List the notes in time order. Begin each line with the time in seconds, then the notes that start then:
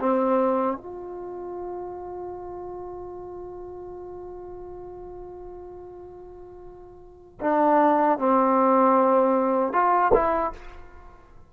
0.00 C4
0.77 F4
7.41 D4
8.19 C4
9.73 F4
10.14 E4